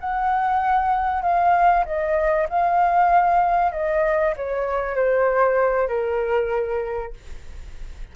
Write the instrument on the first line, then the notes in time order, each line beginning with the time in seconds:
flute
0.00 F#5
1.22 F5
1.85 D#5
2.49 F5
3.72 D#5
4.36 C#5
4.96 C5
5.88 A#4